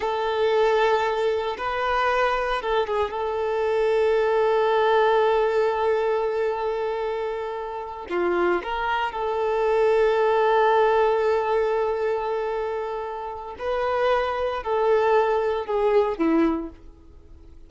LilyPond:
\new Staff \with { instrumentName = "violin" } { \time 4/4 \tempo 4 = 115 a'2. b'4~ | b'4 a'8 gis'8 a'2~ | a'1~ | a'2.~ a'8 f'8~ |
f'8 ais'4 a'2~ a'8~ | a'1~ | a'2 b'2 | a'2 gis'4 e'4 | }